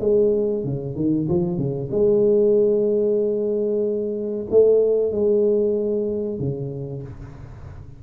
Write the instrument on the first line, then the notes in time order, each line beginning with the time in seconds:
tuba
0.00 G#3
0.64 C#3
0.95 D#3
1.28 F3
1.57 C#3
1.91 G#3
4.50 A3
5.12 G#3
6.39 C#3